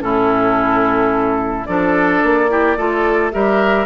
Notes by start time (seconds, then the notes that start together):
0.00 A2 C#4 E4 A4
1.65 F3 D4 A4 D5
2.22 A#3
2.49 E4 G4
2.77 A3 F4 A4
3.31 G3 G4 A#4 E5